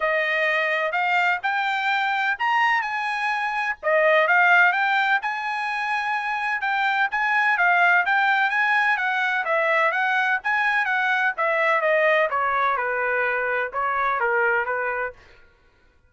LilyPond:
\new Staff \with { instrumentName = "trumpet" } { \time 4/4 \tempo 4 = 127 dis''2 f''4 g''4~ | g''4 ais''4 gis''2 | dis''4 f''4 g''4 gis''4~ | gis''2 g''4 gis''4 |
f''4 g''4 gis''4 fis''4 | e''4 fis''4 gis''4 fis''4 | e''4 dis''4 cis''4 b'4~ | b'4 cis''4 ais'4 b'4 | }